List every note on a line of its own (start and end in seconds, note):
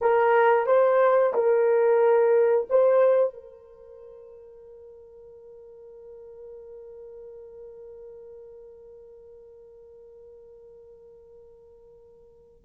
0.01 0.66 A#4
0.66 1.33 C5
1.34 2.67 A#4
2.69 3.33 C5
3.33 12.65 A#4